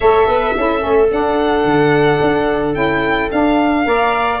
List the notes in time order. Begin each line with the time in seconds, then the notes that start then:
0.00 A3 A4 C#5 E5
0.27 B3 B4
0.57 C#4 E4 A4
0.79 A3 C#4
1.10 D4 F#5
1.64 D3
2.21 D4
2.74 C#4 E4 G5
3.31 D4 F5
3.85 A#3 A#4 D5